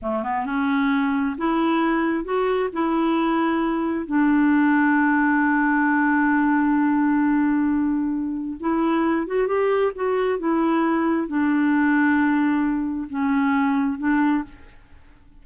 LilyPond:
\new Staff \with { instrumentName = "clarinet" } { \time 4/4 \tempo 4 = 133 a8 b8 cis'2 e'4~ | e'4 fis'4 e'2~ | e'4 d'2.~ | d'1~ |
d'2. e'4~ | e'8 fis'8 g'4 fis'4 e'4~ | e'4 d'2.~ | d'4 cis'2 d'4 | }